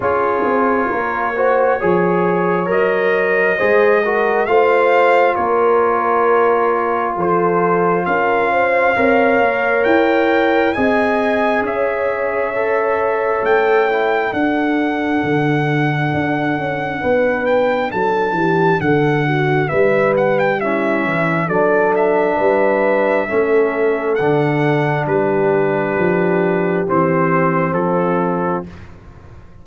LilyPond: <<
  \new Staff \with { instrumentName = "trumpet" } { \time 4/4 \tempo 4 = 67 cis''2. dis''4~ | dis''4 f''4 cis''2 | c''4 f''2 g''4 | gis''4 e''2 g''4 |
fis''2.~ fis''8 g''8 | a''4 fis''4 e''8 fis''16 g''16 e''4 | d''8 e''2~ e''8 fis''4 | b'2 c''4 a'4 | }
  \new Staff \with { instrumentName = "horn" } { \time 4/4 gis'4 ais'8 c''8 cis''2 | c''8 ais'8 c''4 ais'2 | a'4 ais'8 c''8 cis''2 | dis''4 cis''2. |
a'2. b'4 | a'8 g'8 a'8 fis'8 b'4 e'4 | a'4 b'4 a'2 | g'2. f'4 | }
  \new Staff \with { instrumentName = "trombone" } { \time 4/4 f'4. fis'8 gis'4 ais'4 | gis'8 fis'8 f'2.~ | f'2 ais'2 | gis'2 a'4. e'8 |
d'1~ | d'2. cis'4 | d'2 cis'4 d'4~ | d'2 c'2 | }
  \new Staff \with { instrumentName = "tuba" } { \time 4/4 cis'8 c'8 ais4 f4 fis4 | gis4 a4 ais2 | f4 cis'4 c'8 ais8 e'4 | c'4 cis'2 a4 |
d'4 d4 d'8 cis'8 b4 | fis8 e8 d4 g4. e8 | fis4 g4 a4 d4 | g4 f4 e4 f4 | }
>>